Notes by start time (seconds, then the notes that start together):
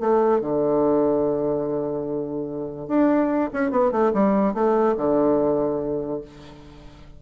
0.00 A3
0.41 D3
2.88 D4
3.53 C#4
3.71 B3
3.92 A3
4.14 G3
4.54 A3
4.97 D3